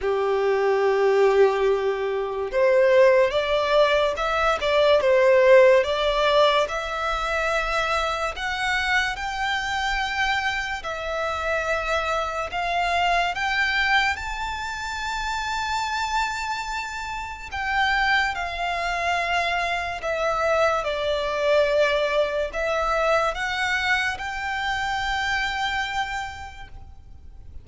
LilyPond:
\new Staff \with { instrumentName = "violin" } { \time 4/4 \tempo 4 = 72 g'2. c''4 | d''4 e''8 d''8 c''4 d''4 | e''2 fis''4 g''4~ | g''4 e''2 f''4 |
g''4 a''2.~ | a''4 g''4 f''2 | e''4 d''2 e''4 | fis''4 g''2. | }